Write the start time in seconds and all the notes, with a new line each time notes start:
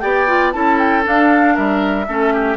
0.00 B3 G4 D5 G5
0.27 F4
0.52 C#4 E4 A4 A5
0.78 G5
1.03 D4 F5
1.54 G3 A#4 E5
2.07 A3 C#4 A4
2.33 G4